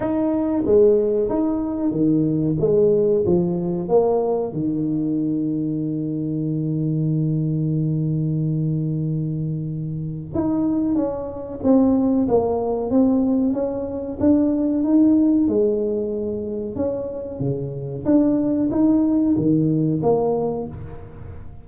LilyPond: \new Staff \with { instrumentName = "tuba" } { \time 4/4 \tempo 4 = 93 dis'4 gis4 dis'4 dis4 | gis4 f4 ais4 dis4~ | dis1~ | dis1 |
dis'4 cis'4 c'4 ais4 | c'4 cis'4 d'4 dis'4 | gis2 cis'4 cis4 | d'4 dis'4 dis4 ais4 | }